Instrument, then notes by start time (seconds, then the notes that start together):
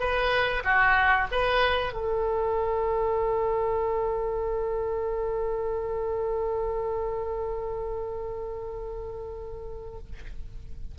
oboe
0.00 B4
0.65 F#4
1.32 B4
1.93 A4